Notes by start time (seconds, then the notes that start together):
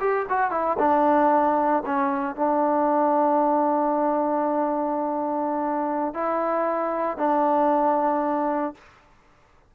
0.00 G4
0.29 F#4
0.51 E4
0.79 D4
1.86 C#4
2.36 D4
6.14 E4
7.18 D4